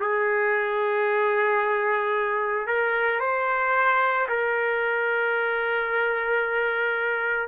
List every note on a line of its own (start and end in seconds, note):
0.00 2.67 G#4
2.67 3.20 A#4
3.20 4.27 C5
4.29 7.48 A#4